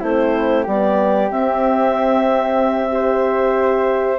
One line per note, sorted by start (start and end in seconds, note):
0.00 0.67 A3
0.00 0.67 C4
0.00 0.64 E4
0.00 0.65 C5
0.64 1.31 G3
0.64 1.31 B3
0.64 2.90 G4
0.64 1.31 D5
1.31 2.89 C4
1.31 4.19 C4
1.31 4.19 E5
2.89 4.18 G4
2.89 4.19 C5